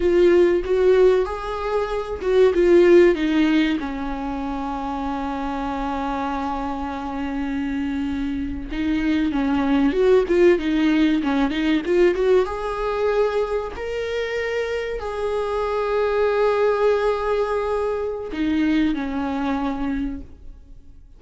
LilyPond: \new Staff \with { instrumentName = "viola" } { \time 4/4 \tempo 4 = 95 f'4 fis'4 gis'4. fis'8 | f'4 dis'4 cis'2~ | cis'1~ | cis'4.~ cis'16 dis'4 cis'4 fis'16~ |
fis'16 f'8 dis'4 cis'8 dis'8 f'8 fis'8 gis'16~ | gis'4.~ gis'16 ais'2 gis'16~ | gis'1~ | gis'4 dis'4 cis'2 | }